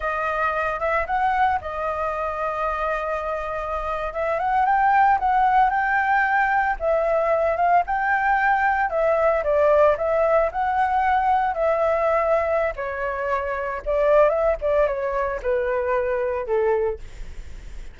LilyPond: \new Staff \with { instrumentName = "flute" } { \time 4/4 \tempo 4 = 113 dis''4. e''8 fis''4 dis''4~ | dis''2.~ dis''8. e''16~ | e''16 fis''8 g''4 fis''4 g''4~ g''16~ | g''8. e''4. f''8 g''4~ g''16~ |
g''8. e''4 d''4 e''4 fis''16~ | fis''4.~ fis''16 e''2~ e''16 | cis''2 d''4 e''8 d''8 | cis''4 b'2 a'4 | }